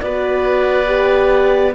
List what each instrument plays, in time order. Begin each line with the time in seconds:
0.00 cello B3, horn F#4, oboe B4, clarinet D5
0.86 horn G4